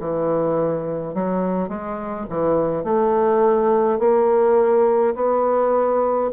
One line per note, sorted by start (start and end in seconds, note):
0.00 1.14 E3
1.14 1.69 F#3
1.69 2.27 G#3
2.30 2.84 E3
2.84 3.99 A3
3.99 5.15 A#3
5.15 6.30 B3